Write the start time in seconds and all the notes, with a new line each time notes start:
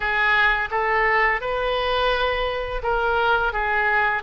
0.00 G#4
0.71 A4
1.41 B4
2.82 A#4
3.52 G#4